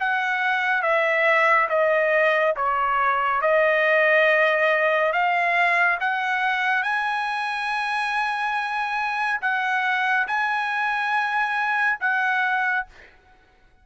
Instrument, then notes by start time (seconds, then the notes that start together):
trumpet
0.00 F#5
0.83 E5
1.69 D#5
2.56 C#5
3.42 D#5
5.13 F5
6.00 F#5
6.83 G#5
9.42 F#5
10.28 G#5
12.01 F#5